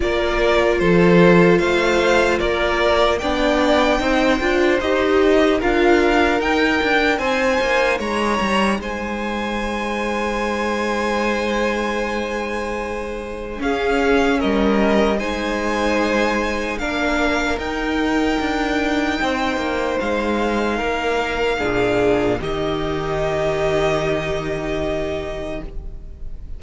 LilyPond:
<<
  \new Staff \with { instrumentName = "violin" } { \time 4/4 \tempo 4 = 75 d''4 c''4 f''4 d''4 | g''2 dis''4 f''4 | g''4 gis''4 ais''4 gis''4~ | gis''1~ |
gis''4 f''4 dis''4 gis''4~ | gis''4 f''4 g''2~ | g''4 f''2. | dis''1 | }
  \new Staff \with { instrumentName = "violin" } { \time 4/4 ais'4 a'4 c''4 ais'4 | d''4 c''2 ais'4~ | ais'4 c''4 cis''4 c''4~ | c''1~ |
c''4 gis'4 ais'4 c''4~ | c''4 ais'2. | c''2 ais'4 gis'4 | g'1 | }
  \new Staff \with { instrumentName = "viola" } { \time 4/4 f'1 | d'4 dis'8 f'8 g'4 f'4 | dis'1~ | dis'1~ |
dis'4 cis'2 dis'4~ | dis'4 d'4 dis'2~ | dis'2. d'4 | dis'1 | }
  \new Staff \with { instrumentName = "cello" } { \time 4/4 ais4 f4 a4 ais4 | b4 c'8 d'8 dis'4 d'4 | dis'8 d'8 c'8 ais8 gis8 g8 gis4~ | gis1~ |
gis4 cis'4 g4 gis4~ | gis4 ais4 dis'4 d'4 | c'8 ais8 gis4 ais4 ais,4 | dis1 | }
>>